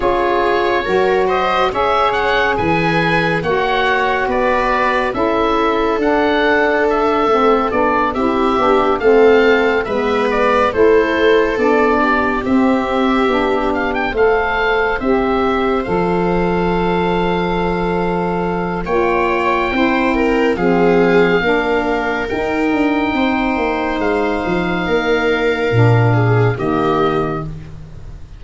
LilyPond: <<
  \new Staff \with { instrumentName = "oboe" } { \time 4/4 \tempo 4 = 70 cis''4. dis''8 e''8 fis''8 gis''4 | fis''4 d''4 e''4 fis''4 | e''4 d''8 e''4 f''4 e''8 | d''8 c''4 d''4 e''4. |
f''16 g''16 f''4 e''4 f''4.~ | f''2 g''2 | f''2 g''2 | f''2. dis''4 | }
  \new Staff \with { instrumentName = "viola" } { \time 4/4 gis'4 ais'8 c''8 cis''4 b'4 | cis''4 b'4 a'2~ | a'4. g'4 a'4 b'8~ | b'8 a'4. g'2~ |
g'8 c''2.~ c''8~ | c''2 cis''4 c''8 ais'8 | gis'4 ais'2 c''4~ | c''4 ais'4. gis'8 g'4 | }
  \new Staff \with { instrumentName = "saxophone" } { \time 4/4 f'4 fis'4 gis'2 | fis'2 e'4 d'4~ | d'8 c'8 d'8 e'8 d'8 c'4 b8~ | b8 e'4 d'4 c'4 d'8~ |
d'8 a'4 g'4 a'4.~ | a'2 f'4 e'4 | c'4 d'4 dis'2~ | dis'2 d'4 ais4 | }
  \new Staff \with { instrumentName = "tuba" } { \time 4/4 cis'4 fis4 cis'4 e4 | ais4 b4 cis'4 d'4~ | d'8 a8 b8 c'8 b8 a4 gis8~ | gis8 a4 b4 c'4 b8~ |
b8 a4 c'4 f4.~ | f2 ais4 c'4 | f4 ais4 dis'8 d'8 c'8 ais8 | gis8 f8 ais4 ais,4 dis4 | }
>>